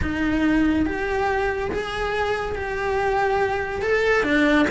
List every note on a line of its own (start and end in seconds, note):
0.02 0.85 D#4
0.85 1.71 G4
1.71 2.55 G#4
2.55 3.81 G4
3.81 4.23 A4
4.23 4.65 D4